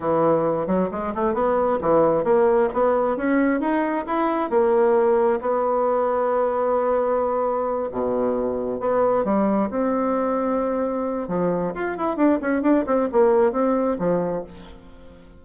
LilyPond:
\new Staff \with { instrumentName = "bassoon" } { \time 4/4 \tempo 4 = 133 e4. fis8 gis8 a8 b4 | e4 ais4 b4 cis'4 | dis'4 e'4 ais2 | b1~ |
b4. b,2 b8~ | b8 g4 c'2~ c'8~ | c'4 f4 f'8 e'8 d'8 cis'8 | d'8 c'8 ais4 c'4 f4 | }